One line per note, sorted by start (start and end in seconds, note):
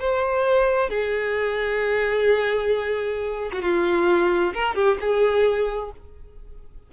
0.00 0.90 C5
0.90 3.51 G#4
3.53 3.63 F#4
3.63 4.54 F4
4.54 4.75 A#4
4.75 4.98 G4
5.01 5.92 G#4